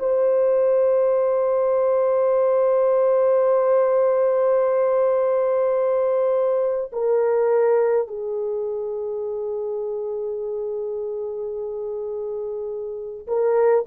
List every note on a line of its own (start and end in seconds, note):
0.00 6.92 C5
6.93 8.08 A#4
8.08 13.27 G#4
13.27 13.85 A#4